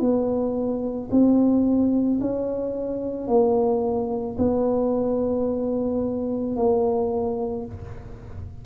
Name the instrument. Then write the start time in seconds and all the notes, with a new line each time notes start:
tuba
0.00 B3
1.11 C4
2.21 C#4
3.27 A#3
4.38 B3
6.56 A#3